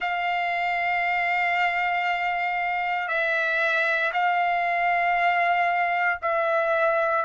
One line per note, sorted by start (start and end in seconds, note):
0.00 3.08 F5
3.08 4.11 E5
4.12 6.19 F5
6.22 7.25 E5